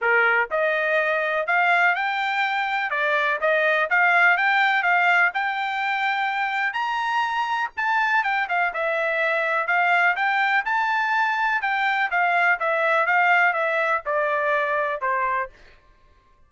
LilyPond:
\new Staff \with { instrumentName = "trumpet" } { \time 4/4 \tempo 4 = 124 ais'4 dis''2 f''4 | g''2 d''4 dis''4 | f''4 g''4 f''4 g''4~ | g''2 ais''2 |
a''4 g''8 f''8 e''2 | f''4 g''4 a''2 | g''4 f''4 e''4 f''4 | e''4 d''2 c''4 | }